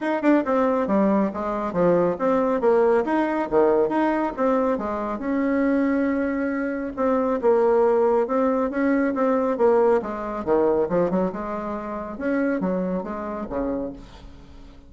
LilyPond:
\new Staff \with { instrumentName = "bassoon" } { \time 4/4 \tempo 4 = 138 dis'8 d'8 c'4 g4 gis4 | f4 c'4 ais4 dis'4 | dis4 dis'4 c'4 gis4 | cis'1 |
c'4 ais2 c'4 | cis'4 c'4 ais4 gis4 | dis4 f8 fis8 gis2 | cis'4 fis4 gis4 cis4 | }